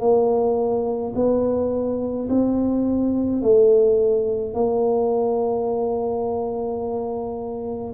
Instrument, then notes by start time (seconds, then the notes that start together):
tuba
0.00 A#3
1.15 B3
2.30 C4
3.42 A3
4.54 A#3